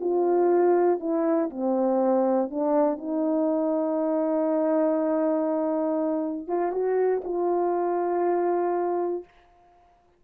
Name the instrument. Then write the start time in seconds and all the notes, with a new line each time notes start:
horn
0.00 F4
1.00 E4
1.50 C4
2.50 D4
2.98 D#4
6.47 F4
6.72 F#4
7.24 F4